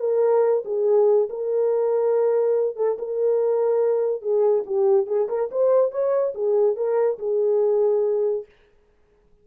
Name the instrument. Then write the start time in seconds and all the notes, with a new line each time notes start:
horn
0.00 A#4
0.65 G#4
1.29 A#4
2.76 A4
2.99 A#4
4.22 G#4
4.67 G4
5.07 G#4
5.29 A#4
5.51 C5
5.92 C#5
6.35 G#4
6.76 A#4
7.19 G#4